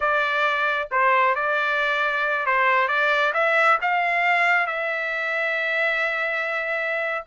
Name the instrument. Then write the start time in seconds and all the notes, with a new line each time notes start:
trumpet
0.00 D5
0.91 C5
1.35 D5
2.46 C5
2.88 D5
3.33 E5
3.81 F5
4.66 E5